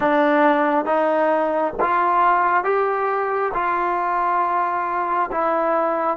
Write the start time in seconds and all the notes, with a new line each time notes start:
0.00 D4
0.85 D#4
1.79 F4
2.64 G4
3.53 F4
5.31 E4